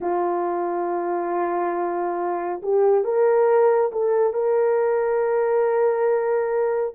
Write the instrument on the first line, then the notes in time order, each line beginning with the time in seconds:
horn
0.00 F4
2.62 G4
3.04 A#4
3.92 A4
4.33 A#4